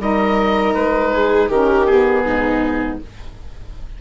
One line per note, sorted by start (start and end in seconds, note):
0.00 0.75 G3
0.00 1.50 D#4
0.00 1.14 A#4
0.00 0.75 D#5
0.75 1.49 G#3
0.75 1.50 B4
1.14 1.50 G#4
1.49 2.24 D#3
1.49 1.88 C#4
1.49 2.25 G4
1.49 1.87 A#4
1.87 3.01 B3
1.87 2.99 G#4
2.26 3.02 G#2
2.26 3.01 D#4